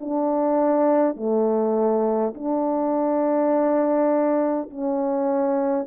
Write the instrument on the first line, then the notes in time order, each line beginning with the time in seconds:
horn
0.00 D4
1.16 A3
2.35 D4
4.70 C#4